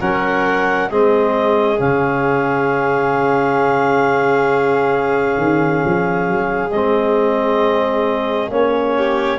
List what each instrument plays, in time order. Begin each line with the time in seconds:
0.00 tuba F#3, trombone C#4, violin A#4, clarinet F#5
0.90 tuba G#3, trombone C4, violin G#4, clarinet D#5
1.77 tuba C#3, trombone C#4, clarinet F5
5.37 tuba D#3
5.85 tuba F3
6.29 tuba F#3
6.70 tuba G#3, trombone C4, clarinet D#5
8.50 tuba A#3, trombone C#4, clarinet C#5
8.96 violin G4